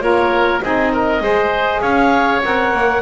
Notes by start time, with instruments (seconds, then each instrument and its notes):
0.00 double bass A#3, saxophone F4, oboe A#4, clarinet C#5
0.61 double bass C4, saxophone D#4, oboe G#4, clarinet D#5
0.92 oboe A#4
1.20 double bass G#3, saxophone G#4, oboe C5
1.81 double bass C#4, oboe C#5, clarinet F5
2.44 double bass C4, saxophone A#4, clarinet F#5
2.73 double bass A#3